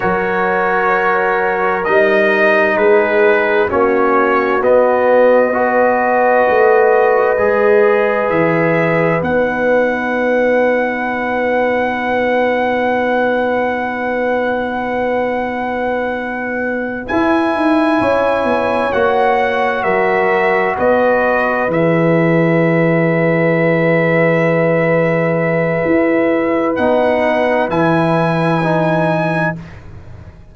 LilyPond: <<
  \new Staff \with { instrumentName = "trumpet" } { \time 4/4 \tempo 4 = 65 cis''2 dis''4 b'4 | cis''4 dis''2.~ | dis''4 e''4 fis''2~ | fis''1~ |
fis''2~ fis''8 gis''4.~ | gis''8 fis''4 e''4 dis''4 e''8~ | e''1~ | e''4 fis''4 gis''2 | }
  \new Staff \with { instrumentName = "horn" } { \time 4/4 ais'2. gis'4 | fis'2 b'2~ | b'1~ | b'1~ |
b'2.~ b'8 cis''8~ | cis''4. ais'4 b'4.~ | b'1~ | b'1 | }
  \new Staff \with { instrumentName = "trombone" } { \time 4/4 fis'2 dis'2 | cis'4 b4 fis'2 | gis'2 dis'2~ | dis'1~ |
dis'2~ dis'8 e'4.~ | e'8 fis'2. gis'8~ | gis'1~ | gis'4 dis'4 e'4 dis'4 | }
  \new Staff \with { instrumentName = "tuba" } { \time 4/4 fis2 g4 gis4 | ais4 b2 a4 | gis4 e4 b2~ | b1~ |
b2~ b8 e'8 dis'8 cis'8 | b8 ais4 fis4 b4 e8~ | e1 | e'4 b4 e2 | }
>>